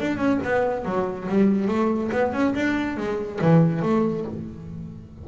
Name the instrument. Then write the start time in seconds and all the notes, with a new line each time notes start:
double bass
0.00 D4
0.18 C#4
0.44 B3
0.85 F#3
1.29 G3
1.68 A3
2.12 B3
2.33 C#4
2.55 D4
2.97 G#3
3.41 E3
3.82 A3